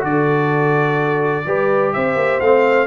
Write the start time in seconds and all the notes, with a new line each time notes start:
0.00 D3 F#4 A4 D5
1.45 G3 G4 B4
1.92 C4 C5 E5
2.15 A#3
2.40 A3 C4 F5